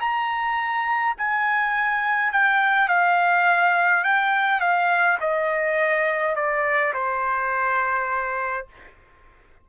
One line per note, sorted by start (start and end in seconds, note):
0.00 1.15 A#5
1.17 2.33 G#5
2.33 2.89 G5
2.89 4.04 F5
4.04 4.60 G5
4.60 5.18 F5
5.21 6.36 D#5
6.36 6.93 D5
6.94 8.67 C5